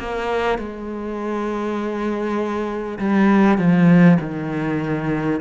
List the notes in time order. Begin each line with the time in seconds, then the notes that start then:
0.00 A#3
0.59 G#3
2.99 G3
3.59 F3
4.21 D#3